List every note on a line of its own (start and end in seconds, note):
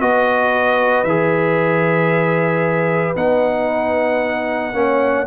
0.00 1.04 B3
0.00 1.06 F#4
0.00 4.74 B4
0.00 1.04 D#5
1.04 3.14 E3
1.04 3.16 G#4
1.04 3.15 E5
3.16 4.74 B3
3.16 4.74 D#4
3.16 5.27 F#5
4.74 5.26 A#3
4.74 5.27 C#4
4.74 5.27 C#5